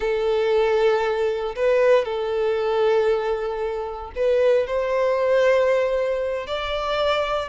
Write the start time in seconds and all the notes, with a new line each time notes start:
0.00 A4
1.55 B4
2.04 A4
4.15 B4
4.66 C5
6.46 D5